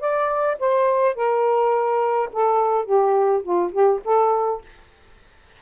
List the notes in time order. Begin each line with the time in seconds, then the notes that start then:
0.00 D5
0.59 C5
1.15 A#4
2.32 A4
2.85 G4
3.43 F4
3.72 G4
4.04 A4